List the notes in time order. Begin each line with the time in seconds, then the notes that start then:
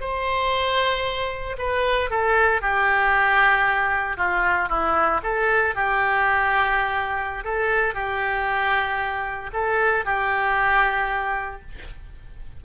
0.00 C5
1.58 B4
2.10 A4
2.61 G4
4.17 F4
4.69 E4
5.23 A4
5.75 G4
7.44 A4
7.94 G4
9.53 A4
10.05 G4